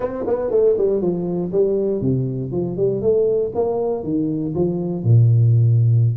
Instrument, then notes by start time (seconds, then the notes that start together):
tuba
0.00 C4
0.26 B3
0.50 A3
0.77 G3
1.01 F3
1.51 G3
2.01 C3
2.51 F3
2.76 G3
3.01 A3
3.54 A#3
4.03 D#3
4.54 F3
5.03 A#2